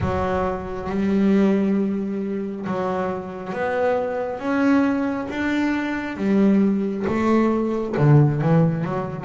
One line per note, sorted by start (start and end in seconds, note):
0.00 0.89 F#3
0.89 2.65 G3
2.66 3.52 F#3
3.52 4.39 B3
4.39 5.27 C#4
5.29 6.16 D4
6.16 7.05 G3
7.07 7.95 A3
7.97 8.41 D3
8.41 8.84 E3
8.84 9.24 F#3